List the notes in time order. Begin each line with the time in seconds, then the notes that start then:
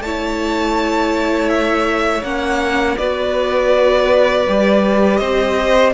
0.00 A3 E4 C#5 A5
1.49 E5
2.23 A#3 C#4 F#5
2.97 B3 F#4 B4 D5
4.47 G3 G4
5.17 C4 C5 D#5